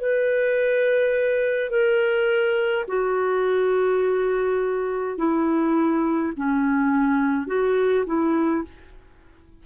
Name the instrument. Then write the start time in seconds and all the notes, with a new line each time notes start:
clarinet
0.00 B4
1.70 A#4
2.88 F#4
5.18 E4
6.37 C#4
7.47 F#4
8.06 E4